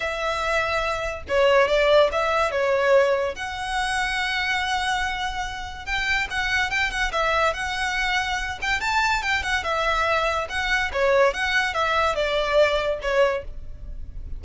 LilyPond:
\new Staff \with { instrumentName = "violin" } { \time 4/4 \tempo 4 = 143 e''2. cis''4 | d''4 e''4 cis''2 | fis''1~ | fis''2 g''4 fis''4 |
g''8 fis''8 e''4 fis''2~ | fis''8 g''8 a''4 g''8 fis''8 e''4~ | e''4 fis''4 cis''4 fis''4 | e''4 d''2 cis''4 | }